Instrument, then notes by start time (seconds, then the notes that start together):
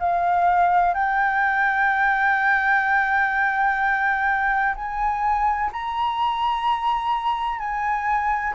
flute
0.00 F5
0.94 G5
4.76 G#5
5.73 A#5
7.59 G#5